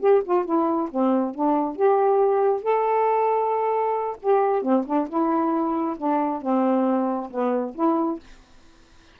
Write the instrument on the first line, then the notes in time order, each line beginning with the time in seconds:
saxophone
0.00 G4
0.24 F4
0.45 E4
0.91 C4
1.35 D4
1.75 G4
2.62 A4
4.22 G4
4.62 C4
4.86 D4
5.09 E4
5.97 D4
6.42 C4
7.31 B3
7.75 E4